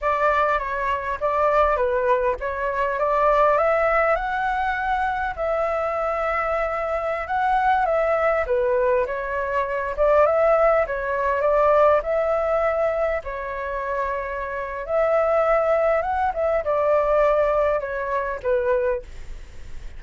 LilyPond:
\new Staff \with { instrumentName = "flute" } { \time 4/4 \tempo 4 = 101 d''4 cis''4 d''4 b'4 | cis''4 d''4 e''4 fis''4~ | fis''4 e''2.~ | e''16 fis''4 e''4 b'4 cis''8.~ |
cis''8. d''8 e''4 cis''4 d''8.~ | d''16 e''2 cis''4.~ cis''16~ | cis''4 e''2 fis''8 e''8 | d''2 cis''4 b'4 | }